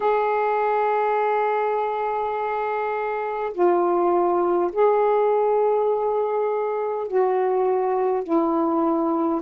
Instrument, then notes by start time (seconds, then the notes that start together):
saxophone
0.00 G#4
3.53 F4
4.72 G#4
7.07 F#4
8.24 E4